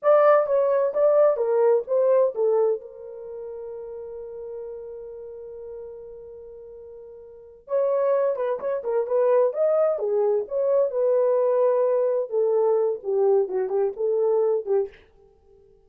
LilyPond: \new Staff \with { instrumentName = "horn" } { \time 4/4 \tempo 4 = 129 d''4 cis''4 d''4 ais'4 | c''4 a'4 ais'2~ | ais'1~ | ais'1~ |
ais'8 cis''4. b'8 cis''8 ais'8 b'8~ | b'8 dis''4 gis'4 cis''4 b'8~ | b'2~ b'8 a'4. | g'4 fis'8 g'8 a'4. g'8 | }